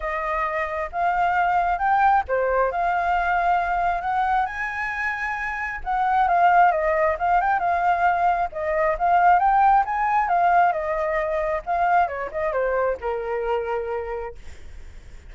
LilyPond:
\new Staff \with { instrumentName = "flute" } { \time 4/4 \tempo 4 = 134 dis''2 f''2 | g''4 c''4 f''2~ | f''4 fis''4 gis''2~ | gis''4 fis''4 f''4 dis''4 |
f''8 g''8 f''2 dis''4 | f''4 g''4 gis''4 f''4 | dis''2 f''4 cis''8 dis''8 | c''4 ais'2. | }